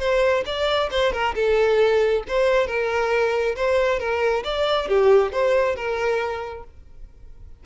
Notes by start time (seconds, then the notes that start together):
0.00 C5
0.46 D5
0.91 C5
1.13 A#4
1.35 A4
2.28 C5
2.67 A#4
3.56 C5
3.99 A#4
4.44 D5
4.89 G4
5.33 C5
5.76 A#4